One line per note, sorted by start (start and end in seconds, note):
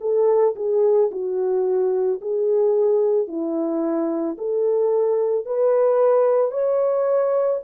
0.00 0.55 A4
0.56 1.10 G#4
1.11 2.20 F#4
2.21 3.27 G#4
3.27 4.36 E4
4.38 5.45 A4
5.45 6.51 B4
6.51 7.60 C#5